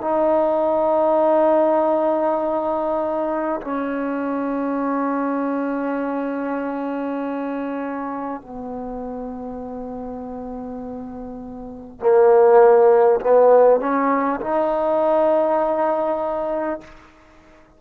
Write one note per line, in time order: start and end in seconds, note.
0.00 3.60 D#4
3.61 8.41 C#4
8.41 11.99 B3
11.99 13.19 A#3
13.20 13.80 B3
13.80 14.40 C#4
14.40 16.80 D#4